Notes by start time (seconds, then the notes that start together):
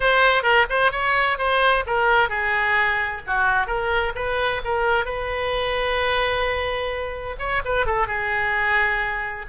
0.00 C5
0.43 A#4
0.69 C5
0.91 C#5
1.38 C5
1.86 A#4
2.29 G#4
3.26 F#4
3.66 A#4
4.15 B4
4.64 A#4
5.05 B4
7.38 C#5
7.64 B4
7.86 A4
8.07 G#4